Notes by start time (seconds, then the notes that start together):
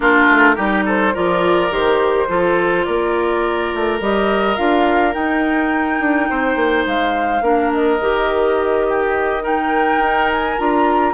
0.00 A#3 D4 F4 A#4
0.30 A3
0.55 G3 D#4 G4
0.85 A4 C5
1.13 F3 F4 A#4 D5
1.70 D#3 G4 C5
2.28 F3 F4 A4
2.84 A#3 A#4 D5
3.74 A3
4.00 G3 G4 D#5
4.56 D4 F4 F5
5.12 D#4 G5
5.99 D4
6.29 C4 C5
6.55 A#3
6.86 G#3 F5
7.41 A#3 D4 A#4
7.73 D#5
8.00 D#3 G4
8.88 G4
9.40 D#4 A#4 G5
9.99 D#4
10.31 G#5
10.57 D4 F4 A#5